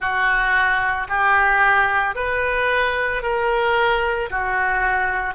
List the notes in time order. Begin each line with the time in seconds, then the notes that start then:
0.00 F#4
1.08 G4
2.15 B4
3.22 A#4
4.30 F#4